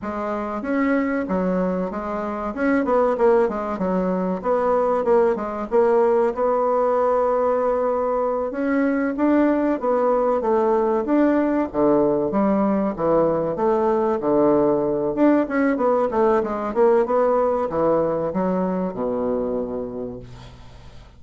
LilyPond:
\new Staff \with { instrumentName = "bassoon" } { \time 4/4 \tempo 4 = 95 gis4 cis'4 fis4 gis4 | cis'8 b8 ais8 gis8 fis4 b4 | ais8 gis8 ais4 b2~ | b4. cis'4 d'4 b8~ |
b8 a4 d'4 d4 g8~ | g8 e4 a4 d4. | d'8 cis'8 b8 a8 gis8 ais8 b4 | e4 fis4 b,2 | }